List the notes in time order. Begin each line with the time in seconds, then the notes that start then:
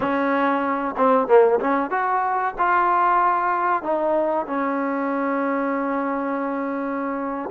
0.00 C#4
0.97 C4
1.27 A#3
1.60 C#4
1.90 F#4
2.58 F4
3.82 D#4
4.46 C#4